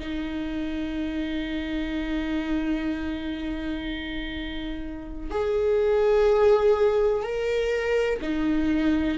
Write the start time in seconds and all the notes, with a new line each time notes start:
0.00 D#4
5.30 G#4
7.23 A#4
8.22 D#4